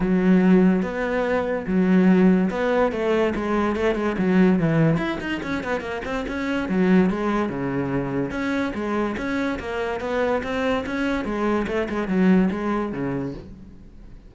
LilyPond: \new Staff \with { instrumentName = "cello" } { \time 4/4 \tempo 4 = 144 fis2 b2 | fis2 b4 a4 | gis4 a8 gis8 fis4 e4 | e'8 dis'8 cis'8 b8 ais8 c'8 cis'4 |
fis4 gis4 cis2 | cis'4 gis4 cis'4 ais4 | b4 c'4 cis'4 gis4 | a8 gis8 fis4 gis4 cis4 | }